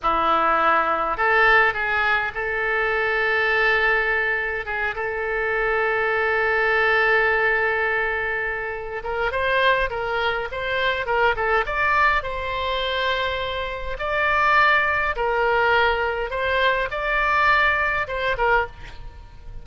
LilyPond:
\new Staff \with { instrumentName = "oboe" } { \time 4/4 \tempo 4 = 103 e'2 a'4 gis'4 | a'1 | gis'8 a'2.~ a'8~ | a'2.~ a'8 ais'8 |
c''4 ais'4 c''4 ais'8 a'8 | d''4 c''2. | d''2 ais'2 | c''4 d''2 c''8 ais'8 | }